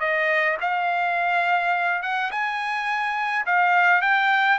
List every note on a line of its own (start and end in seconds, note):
0.00 0.57 D#5
0.61 2.02 F5
2.02 2.31 F#5
2.31 3.45 G#5
3.46 4.02 F5
4.02 4.58 G5